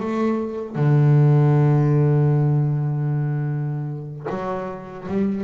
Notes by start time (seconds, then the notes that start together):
0.00 A3
0.76 D3
4.30 F#3
5.08 G3